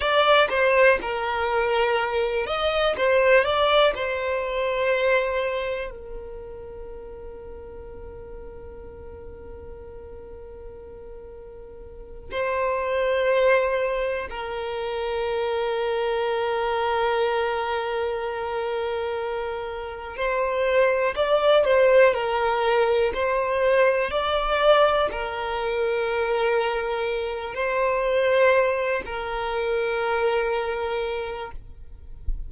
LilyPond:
\new Staff \with { instrumentName = "violin" } { \time 4/4 \tempo 4 = 61 d''8 c''8 ais'4. dis''8 c''8 d''8 | c''2 ais'2~ | ais'1~ | ais'8 c''2 ais'4.~ |
ais'1~ | ais'8 c''4 d''8 c''8 ais'4 c''8~ | c''8 d''4 ais'2~ ais'8 | c''4. ais'2~ ais'8 | }